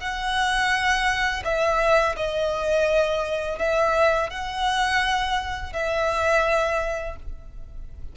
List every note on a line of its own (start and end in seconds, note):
0.00 1.43 F#5
1.44 2.16 E5
2.17 3.59 D#5
3.59 4.30 E5
4.30 5.73 F#5
5.73 7.16 E5